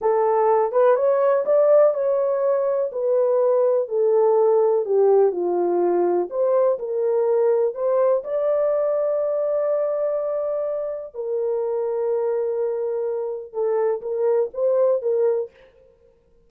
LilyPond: \new Staff \with { instrumentName = "horn" } { \time 4/4 \tempo 4 = 124 a'4. b'8 cis''4 d''4 | cis''2 b'2 | a'2 g'4 f'4~ | f'4 c''4 ais'2 |
c''4 d''2.~ | d''2. ais'4~ | ais'1 | a'4 ais'4 c''4 ais'4 | }